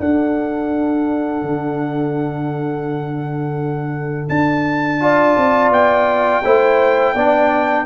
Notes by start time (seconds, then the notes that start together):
0.00 D4 A4 F#5
1.43 D3
4.29 D4 A5
5.00 F4 D5
5.37 C4
5.70 B3 G5
6.44 A3 E4 C5
7.14 B3 D4 D5